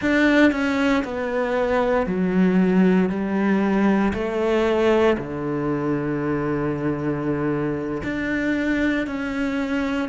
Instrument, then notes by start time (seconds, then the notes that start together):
cello
0.01 D4
0.51 C#4
1.04 B3
2.06 F#3
3.09 G3
4.13 A3
5.17 D3
8.03 D4
9.06 C#4